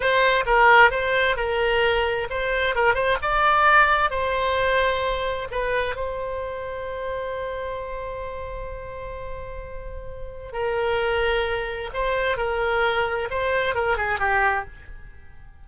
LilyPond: \new Staff \with { instrumentName = "oboe" } { \time 4/4 \tempo 4 = 131 c''4 ais'4 c''4 ais'4~ | ais'4 c''4 ais'8 c''8 d''4~ | d''4 c''2. | b'4 c''2.~ |
c''1~ | c''2. ais'4~ | ais'2 c''4 ais'4~ | ais'4 c''4 ais'8 gis'8 g'4 | }